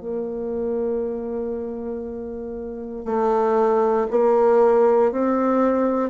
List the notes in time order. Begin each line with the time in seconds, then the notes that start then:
0.00 A#3
3.05 A3
4.10 A#3
5.11 C4